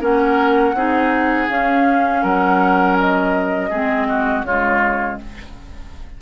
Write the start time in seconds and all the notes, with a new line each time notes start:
0.00 A#3 C#4 A#4 F#5
0.74 C4 D#4 G#4
1.49 C#4 F5
2.22 F#3 A#4 F#5
2.98 D#5
3.70 G#3 C4 G#4
4.09 F#4
4.44 C#3 G#3 F4 C#5